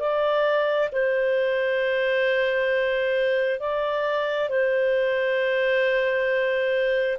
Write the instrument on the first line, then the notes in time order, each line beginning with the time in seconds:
clarinet
0.00 D5
0.92 C5
3.60 D5
4.50 C5